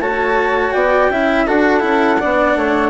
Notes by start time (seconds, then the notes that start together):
0.00 A3 F#4 C#5 A5
0.71 B3 D5 G5
1.10 C#4 E4 E5
1.47 D4 F#4 A4 F#5
1.80 C#4 E4
2.20 B3 D4 D5
2.56 A3 C#5